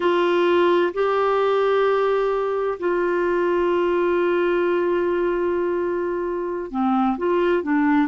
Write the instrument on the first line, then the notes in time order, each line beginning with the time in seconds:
clarinet
0.00 F4
0.93 G4
2.79 F4
6.70 C4
7.17 F4
7.62 D4